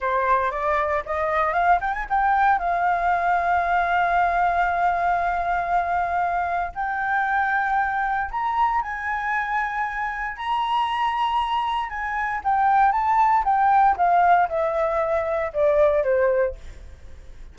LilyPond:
\new Staff \with { instrumentName = "flute" } { \time 4/4 \tempo 4 = 116 c''4 d''4 dis''4 f''8 g''16 gis''16 | g''4 f''2.~ | f''1~ | f''4 g''2. |
ais''4 gis''2. | ais''2. gis''4 | g''4 a''4 g''4 f''4 | e''2 d''4 c''4 | }